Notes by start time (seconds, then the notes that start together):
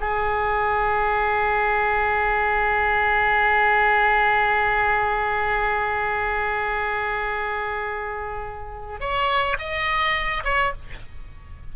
0.00 G#4
9.00 C#5
9.58 D#5
10.44 C#5